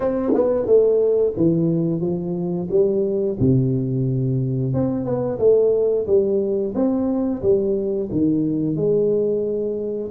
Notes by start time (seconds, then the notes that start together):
0.00 C4
0.33 B3
0.66 A3
1.36 E3
2.00 F3
2.70 G3
3.39 C3
4.73 C4
5.04 B3
5.38 A3
6.06 G3
6.74 C4
7.42 G3
8.11 D#3
8.75 G#3